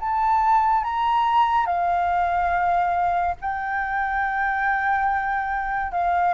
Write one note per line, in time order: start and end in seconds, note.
0.00 0.84 A5
0.84 1.66 A#5
1.66 3.35 F5
3.41 5.92 G5
5.92 6.34 F5